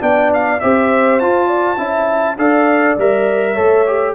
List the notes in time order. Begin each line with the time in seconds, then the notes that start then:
0.00 B3 D4 D5 G5
0.34 F5
0.60 C4 G4 C5 E5
1.20 F4 A5
1.47 D5
1.78 C#4 E4 E5
2.37 D4 A4 D5 F5
2.98 G3 A#4 E5
3.53 A3 A4 C#5
3.87 G4